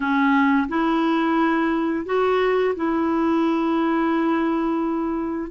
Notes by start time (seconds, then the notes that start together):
0.00 C#4
0.68 E4
2.05 F#4
2.75 E4